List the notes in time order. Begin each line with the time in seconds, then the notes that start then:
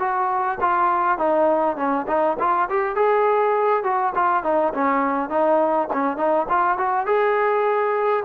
0.00 F#4
0.61 F4
1.18 D#4
1.77 C#4
2.08 D#4
2.40 F4
2.70 G4
2.96 G#4
3.84 F#4
4.16 F4
4.44 D#4
4.74 C#4
5.30 D#4
5.94 C#4
6.17 D#4
6.50 F4
6.78 F#4
7.07 G#4